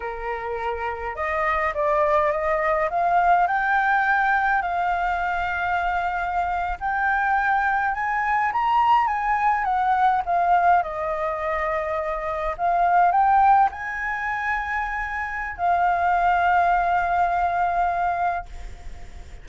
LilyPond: \new Staff \with { instrumentName = "flute" } { \time 4/4 \tempo 4 = 104 ais'2 dis''4 d''4 | dis''4 f''4 g''2 | f''2.~ f''8. g''16~ | g''4.~ g''16 gis''4 ais''4 gis''16~ |
gis''8. fis''4 f''4 dis''4~ dis''16~ | dis''4.~ dis''16 f''4 g''4 gis''16~ | gis''2. f''4~ | f''1 | }